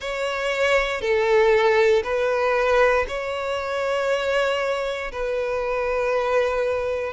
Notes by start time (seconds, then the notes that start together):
0.00 C#5
1.01 A4
2.03 B4
3.07 C#5
5.11 B4